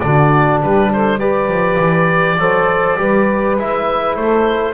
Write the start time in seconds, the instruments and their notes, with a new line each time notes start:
0.00 double bass D3, trombone D4, saxophone F#4, oboe D5
0.62 double bass G3, saxophone G4, oboe B4
0.93 saxophone A4, oboe C5
1.18 trombone G4, saxophone B4, oboe D5
1.48 double bass F3
1.79 double bass E3
2.37 double bass F#3, trombone A4, saxophone C5
2.98 double bass G3, trombone G4, saxophone B4
3.57 double bass G#3, trombone E4, oboe E5
4.16 double bass A3, saxophone A4, oboe C5